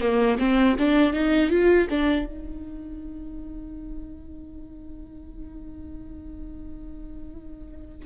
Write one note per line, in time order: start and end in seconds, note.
0.00 0.38 A#3
0.38 0.76 C4
0.78 1.13 D4
1.13 1.49 D#4
1.49 1.87 F4
1.90 2.26 D4
2.26 8.05 D#4